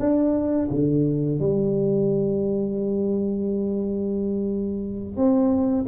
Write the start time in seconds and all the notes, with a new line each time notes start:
0.00 D4
0.71 D3
1.40 G3
5.17 C4